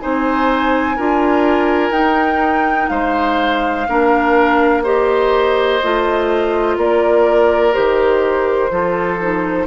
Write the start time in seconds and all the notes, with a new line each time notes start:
0.00 C4 D#4 C5 G#5
0.96 D4 F4 A#4
1.90 D#4 G5
2.89 G#3 C5 F5
3.88 A#3 D4 A#4
4.84 G4 C5 D#5
5.83 A3 F4
6.77 A#3 A#4 D5
7.73 D#3 G4 C5
8.71 F3 F4 A4
9.20 D#4